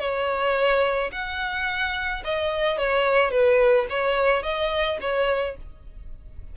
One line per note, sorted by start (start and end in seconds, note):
0.00 1.11 C#5
1.13 2.24 F#5
2.25 2.78 D#5
2.78 3.31 C#5
3.31 3.87 B4
3.90 4.43 C#5
4.43 4.99 D#5
5.01 5.57 C#5